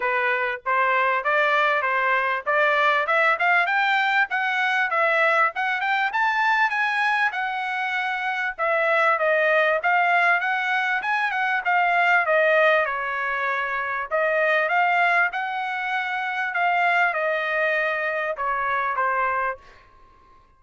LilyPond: \new Staff \with { instrumentName = "trumpet" } { \time 4/4 \tempo 4 = 98 b'4 c''4 d''4 c''4 | d''4 e''8 f''8 g''4 fis''4 | e''4 fis''8 g''8 a''4 gis''4 | fis''2 e''4 dis''4 |
f''4 fis''4 gis''8 fis''8 f''4 | dis''4 cis''2 dis''4 | f''4 fis''2 f''4 | dis''2 cis''4 c''4 | }